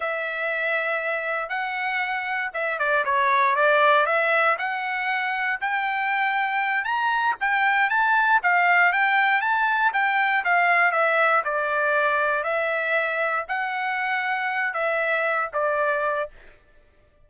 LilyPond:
\new Staff \with { instrumentName = "trumpet" } { \time 4/4 \tempo 4 = 118 e''2. fis''4~ | fis''4 e''8 d''8 cis''4 d''4 | e''4 fis''2 g''4~ | g''4. ais''4 g''4 a''8~ |
a''8 f''4 g''4 a''4 g''8~ | g''8 f''4 e''4 d''4.~ | d''8 e''2 fis''4.~ | fis''4 e''4. d''4. | }